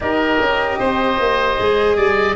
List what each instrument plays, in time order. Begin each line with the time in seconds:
0.00 tuba D#4, cello G4, oboe A#4, flute D#5
0.39 tuba C#4
0.79 tuba C4, oboe C5
1.19 tuba A#3
1.58 tuba G#3, cello G#4
1.97 tuba G3, oboe D5